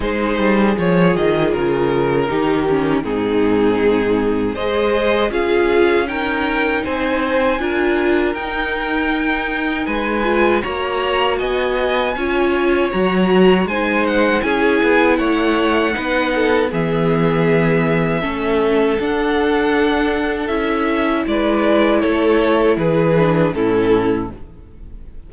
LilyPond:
<<
  \new Staff \with { instrumentName = "violin" } { \time 4/4 \tempo 4 = 79 c''4 cis''8 dis''8 ais'2 | gis'2 dis''4 f''4 | g''4 gis''2 g''4~ | g''4 gis''4 ais''4 gis''4~ |
gis''4 ais''4 gis''8 fis''8 gis''4 | fis''2 e''2~ | e''4 fis''2 e''4 | d''4 cis''4 b'4 a'4 | }
  \new Staff \with { instrumentName = "violin" } { \time 4/4 gis'2. g'4 | dis'2 c''4 gis'4 | ais'4 c''4 ais'2~ | ais'4 b'4 cis''4 dis''4 |
cis''2 c''4 gis'4 | cis''4 b'8 a'8 gis'2 | a'1 | b'4 a'4 gis'4 e'4 | }
  \new Staff \with { instrumentName = "viola" } { \time 4/4 dis'4 f'2 dis'8 cis'8 | c'2 gis'4 f'4 | dis'2 f'4 dis'4~ | dis'4. f'8 fis'2 |
f'4 fis'4 dis'4 e'4~ | e'4 dis'4 b2 | cis'4 d'2 e'4~ | e'2~ e'8 d'8 cis'4 | }
  \new Staff \with { instrumentName = "cello" } { \time 4/4 gis8 g8 f8 dis8 cis4 dis4 | gis,2 gis4 cis'4~ | cis'4 c'4 d'4 dis'4~ | dis'4 gis4 ais4 b4 |
cis'4 fis4 gis4 cis'8 b8 | a4 b4 e2 | a4 d'2 cis'4 | gis4 a4 e4 a,4 | }
>>